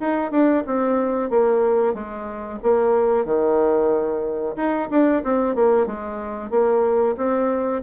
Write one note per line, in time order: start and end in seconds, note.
0.00 0.31 D#4
0.31 0.64 D4
0.66 1.30 C4
1.30 1.94 A#3
1.94 2.59 G#3
2.63 3.25 A#3
3.25 4.56 D#3
4.56 4.89 D#4
4.90 5.23 D4
5.24 5.56 C4
5.56 5.86 A#3
5.86 6.50 G#3
6.50 7.16 A#3
7.17 7.83 C4